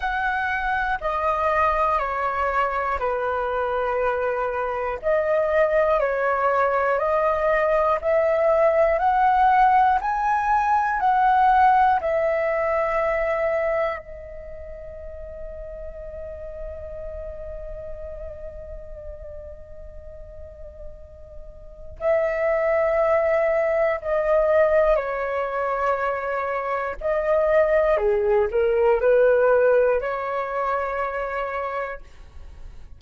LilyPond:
\new Staff \with { instrumentName = "flute" } { \time 4/4 \tempo 4 = 60 fis''4 dis''4 cis''4 b'4~ | b'4 dis''4 cis''4 dis''4 | e''4 fis''4 gis''4 fis''4 | e''2 dis''2~ |
dis''1~ | dis''2 e''2 | dis''4 cis''2 dis''4 | gis'8 ais'8 b'4 cis''2 | }